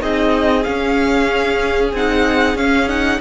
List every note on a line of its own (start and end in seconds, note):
0.00 0.65 C4
0.00 0.64 D#4
0.00 3.21 G#4
0.00 0.63 D#5
0.63 1.92 C#4
0.63 1.91 F5
1.92 2.55 C4
1.92 2.56 D#4
1.92 2.57 F#5
2.55 3.18 C#4
2.55 2.88 C#4
2.55 2.88 F5
2.88 3.20 D#4
2.88 3.20 F#5